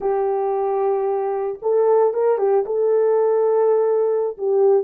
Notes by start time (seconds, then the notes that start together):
0.00 G4
1.61 A4
2.13 A#4
2.38 G4
2.66 A4
4.37 G4